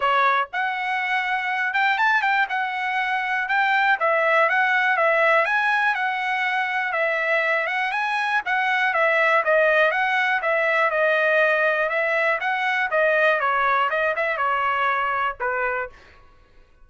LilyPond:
\new Staff \with { instrumentName = "trumpet" } { \time 4/4 \tempo 4 = 121 cis''4 fis''2~ fis''8 g''8 | a''8 g''8 fis''2 g''4 | e''4 fis''4 e''4 gis''4 | fis''2 e''4. fis''8 |
gis''4 fis''4 e''4 dis''4 | fis''4 e''4 dis''2 | e''4 fis''4 dis''4 cis''4 | dis''8 e''8 cis''2 b'4 | }